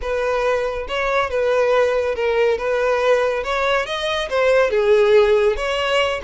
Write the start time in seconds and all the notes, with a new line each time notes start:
0.01 B4
0.88 C#5
1.30 B4
2.15 A#4
2.58 B4
3.43 C#5
3.86 D#5
4.29 C5
4.70 G#4
5.56 C#5